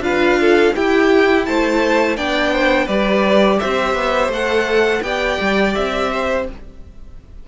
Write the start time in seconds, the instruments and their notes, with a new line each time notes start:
0.00 cello D4, viola F4, violin B4 F5
0.40 violin A4
0.75 viola E4, cello E4, violin G4 G5
1.45 cello A3, violin C5 A5
2.16 cello B3, viola D4, violin D5 G5
2.52 violin C5
2.85 cello G3, viola G4, violin B4 D5
3.59 cello C4, violin C5 E5
3.94 cello B3
4.28 cello A3, viola A4, violin F#5
5.02 cello B3, viola G4, violin D5 G5
5.40 cello G3
5.74 cello C4, violin E5
6.12 violin C5